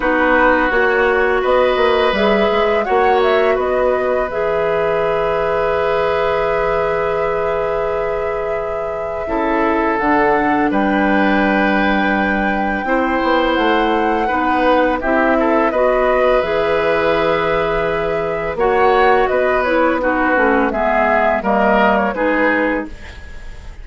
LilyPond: <<
  \new Staff \with { instrumentName = "flute" } { \time 4/4 \tempo 4 = 84 b'4 cis''4 dis''4 e''4 | fis''8 e''8 dis''4 e''2~ | e''1~ | e''2 fis''4 g''4~ |
g''2. fis''4~ | fis''4 e''4 dis''4 e''4~ | e''2 fis''4 dis''8 cis''8 | b'4 e''4 dis''8. cis''16 b'4 | }
  \new Staff \with { instrumentName = "oboe" } { \time 4/4 fis'2 b'2 | cis''4 b'2.~ | b'1~ | b'4 a'2 b'4~ |
b'2 c''2 | b'4 g'8 a'8 b'2~ | b'2 cis''4 b'4 | fis'4 gis'4 ais'4 gis'4 | }
  \new Staff \with { instrumentName = "clarinet" } { \time 4/4 dis'4 fis'2 gis'4 | fis'2 gis'2~ | gis'1~ | gis'4 e'4 d'2~ |
d'2 e'2 | dis'4 e'4 fis'4 gis'4~ | gis'2 fis'4. e'8 | dis'8 cis'8 b4 ais4 dis'4 | }
  \new Staff \with { instrumentName = "bassoon" } { \time 4/4 b4 ais4 b8 ais8 g8 gis8 | ais4 b4 e2~ | e1~ | e4 cis4 d4 g4~ |
g2 c'8 b8 a4 | b4 c'4 b4 e4~ | e2 ais4 b4~ | b8 a8 gis4 g4 gis4 | }
>>